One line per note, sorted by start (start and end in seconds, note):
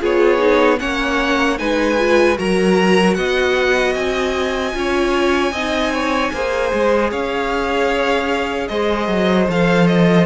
0.00 0.81 B3
0.00 0.38 F4
0.00 0.79 G#4
0.00 0.79 C#5
0.38 0.77 D#4
0.78 1.59 A#3
0.78 1.57 C#4
0.78 1.59 C#5
0.78 1.58 F#5
1.58 2.38 G#3
1.58 1.97 D#4
1.58 2.38 B4
1.58 2.37 G#5
1.98 2.36 F4
2.36 3.17 F#3
2.36 4.73 F#4
2.36 3.17 A#4
2.36 3.14 A#5
3.14 3.95 B3
3.14 4.75 D#5
3.14 3.93 F#5
3.95 4.74 C4
3.95 7.11 G#5
4.73 5.52 C#4
4.73 5.52 F4
4.73 5.52 C#5
5.52 6.31 C4
5.52 6.34 D#4
5.52 5.92 D#5
5.93 6.33 C#5
6.33 6.72 A#3
6.33 9.49 G#4
6.33 7.10 C5
6.73 7.11 G#3
7.10 8.69 C#4
7.10 8.68 C#5
7.10 8.68 F5
8.68 9.08 G#3
8.68 10.26 C5
8.68 9.47 D#5
9.08 9.47 F#3
9.49 10.26 F3
9.49 10.26 A4
9.49 9.87 F5
9.87 10.26 D#5